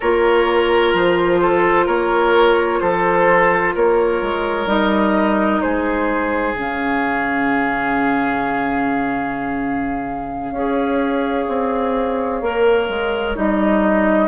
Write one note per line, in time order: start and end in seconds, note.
0.00 0.93 A#3
0.00 4.66 F4
0.00 1.40 A#4
0.00 0.94 C#5
0.93 1.87 F3
0.93 1.87 C5
1.41 1.85 A4
1.85 2.81 A#3
1.85 2.79 A#4
1.85 2.80 C#5
2.80 3.75 F3
2.80 3.74 A4
2.80 3.74 C5
3.74 4.22 A#3
3.74 5.62 A#4
3.74 4.68 C#5
4.22 4.66 G#3
4.66 5.60 G3
4.66 6.54 D#4
4.66 5.61 D#5
5.61 6.53 G#3
5.61 10.53 G#4
5.61 6.54 C5
6.53 10.51 C#3
6.53 10.55 C#4
6.53 13.34 F5
10.51 11.45 C#4
10.51 12.42 G#4
10.51 14.28 C#5
11.47 12.41 C4
12.41 12.88 A#3
12.41 13.36 A#4
12.88 13.35 G#3
13.36 14.28 G3
13.36 14.28 D#4
13.36 14.28 D#5